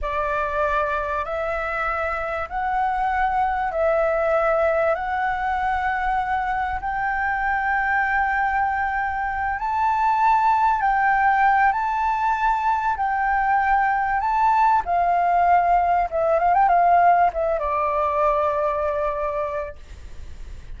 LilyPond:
\new Staff \with { instrumentName = "flute" } { \time 4/4 \tempo 4 = 97 d''2 e''2 | fis''2 e''2 | fis''2. g''4~ | g''2.~ g''8 a''8~ |
a''4. g''4. a''4~ | a''4 g''2 a''4 | f''2 e''8 f''16 g''16 f''4 | e''8 d''2.~ d''8 | }